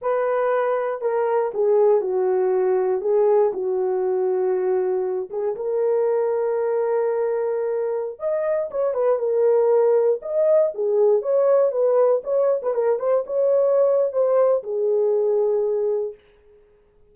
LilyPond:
\new Staff \with { instrumentName = "horn" } { \time 4/4 \tempo 4 = 119 b'2 ais'4 gis'4 | fis'2 gis'4 fis'4~ | fis'2~ fis'8 gis'8 ais'4~ | ais'1~ |
ais'16 dis''4 cis''8 b'8 ais'4.~ ais'16~ | ais'16 dis''4 gis'4 cis''4 b'8.~ | b'16 cis''8. b'16 ais'8 c''8 cis''4.~ cis''16 | c''4 gis'2. | }